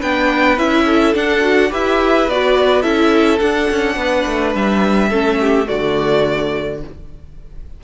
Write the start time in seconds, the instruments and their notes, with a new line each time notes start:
0.00 cello B3, viola D4, violin B4 G5
0.58 cello C#4, viola E4, violin E5
0.86 violin A4
1.14 viola D4, cello D4, violin F#5
1.41 viola F#4
1.69 cello E4, viola G4, violin B4 E5
2.28 cello B3, viola F#4, violin D5
2.82 cello C#4, viola E4, violin A4 E5
3.39 viola D4, cello D4, violin F#5
3.71 cello C#4
3.96 cello B3, violin B4
4.27 cello A3
4.55 cello G3, violin E5
5.09 cello A3, viola C#4, violin A4
5.41 violin G4
5.65 cello D3, viola A3, violin F#4 D5